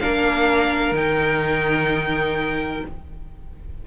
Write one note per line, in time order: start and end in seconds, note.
0.00 0.92 A#3
0.00 0.95 D4
0.00 2.88 A#4
0.00 0.95 F5
0.92 2.82 D#3
0.92 2.86 D#4
0.92 2.86 G5